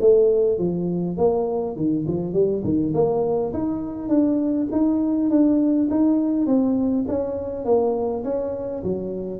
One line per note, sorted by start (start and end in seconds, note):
0.00 0.58 A3
0.58 1.17 F3
1.17 1.76 A#3
1.76 2.05 D#3
2.07 2.33 F3
2.33 2.63 G3
2.64 2.93 D#3
2.94 3.53 A#3
3.53 4.09 D#4
4.09 4.67 D4
4.71 5.29 D#4
5.29 5.88 D4
5.90 6.46 D#4
6.46 7.05 C4
7.08 7.64 C#4
7.64 8.23 A#3
8.24 8.82 C#4
8.83 9.40 F#3